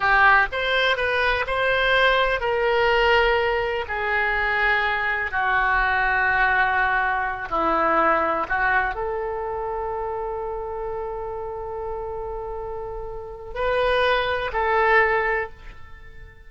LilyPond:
\new Staff \with { instrumentName = "oboe" } { \time 4/4 \tempo 4 = 124 g'4 c''4 b'4 c''4~ | c''4 ais'2. | gis'2. fis'4~ | fis'2.~ fis'8 e'8~ |
e'4. fis'4 a'4.~ | a'1~ | a'1 | b'2 a'2 | }